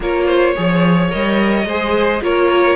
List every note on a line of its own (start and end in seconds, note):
0.00 0.55 A#3
0.00 0.55 F4
0.00 0.26 A#4
0.00 1.11 C#5
0.26 0.53 C5
0.55 1.13 F3
0.55 1.09 G#4
0.55 1.67 C#5
1.09 1.65 G3
1.09 1.65 A#4
1.09 2.22 D#5
1.65 2.20 G#3
1.65 2.21 G#4
1.65 2.22 C5
2.21 2.75 A#3
2.21 2.75 F4
2.21 2.75 A#4
2.21 2.75 C#5